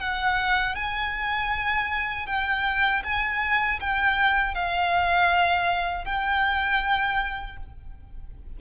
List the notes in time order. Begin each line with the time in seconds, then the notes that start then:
0.00 F#5
0.76 G#5
2.27 G5
3.04 G#5
3.80 G5
4.55 F5
6.05 G5